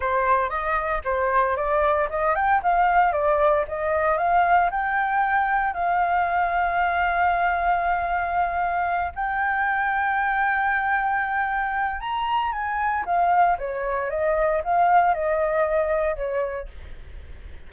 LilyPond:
\new Staff \with { instrumentName = "flute" } { \time 4/4 \tempo 4 = 115 c''4 dis''4 c''4 d''4 | dis''8 g''8 f''4 d''4 dis''4 | f''4 g''2 f''4~ | f''1~ |
f''4. g''2~ g''8~ | g''2. ais''4 | gis''4 f''4 cis''4 dis''4 | f''4 dis''2 cis''4 | }